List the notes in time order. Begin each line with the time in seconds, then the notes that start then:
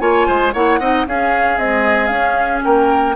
0.00 A#3 F4 C#5 G#5
0.28 G#3 C5
0.53 A#3 E4 C#5 F#5
0.80 C4 D#4 D#5
1.07 C#4 G#4 F5
1.58 G#3 C4 D#5
2.07 C#4 F5
2.64 A#3 A#4 G5